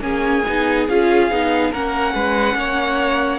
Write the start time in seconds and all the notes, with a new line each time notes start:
0.00 A#3 C#4 G#4 G#5
0.46 B3 D#4
0.89 C#4 F4 F5
1.30 B3 D#4
1.71 A#3 C#4 A#4 F#5
2.14 G#3 B4
2.55 A#3 C#5